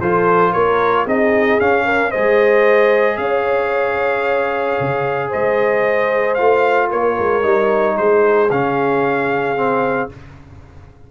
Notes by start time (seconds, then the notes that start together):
0.00 F3 F4 A4 C5
0.52 A#3 A#4 C#5
1.04 C4 D#4 G#4 D#5
1.60 C#4 F5
1.84 A#4
2.10 G#3 G#4 C5 D#5
3.17 C#4 C#5 F5
4.80 C#3
5.28 G#3 C5 D#5
6.34 A3 F4 F5
6.89 A#3 A#4 C#5
7.18 G#3
7.42 G3 D#4
7.97 G#3 G#4 C5
8.50 C#3 C#4 F5
9.56 C4